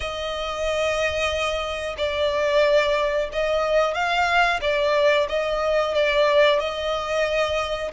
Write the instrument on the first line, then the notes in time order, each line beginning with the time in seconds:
violin
0.00 D#5
1.98 D5
3.32 D#5
3.94 F5
4.61 D5
5.29 D#5
5.94 D5
6.59 D#5